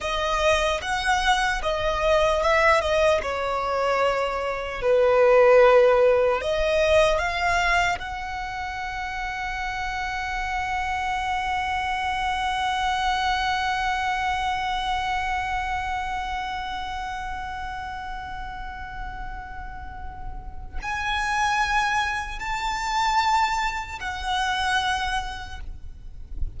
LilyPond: \new Staff \with { instrumentName = "violin" } { \time 4/4 \tempo 4 = 75 dis''4 fis''4 dis''4 e''8 dis''8 | cis''2 b'2 | dis''4 f''4 fis''2~ | fis''1~ |
fis''1~ | fis''1~ | fis''2 gis''2 | a''2 fis''2 | }